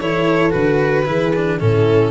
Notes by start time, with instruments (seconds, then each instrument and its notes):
0.00 tuba E3, cello E4, horn A4, violin C#5
0.51 tuba D3, cello F#4, violin B4
1.06 tuba E3, cello E4, horn G#4
1.36 cello D4
1.60 tuba A2, cello C#4, horn E4, violin A4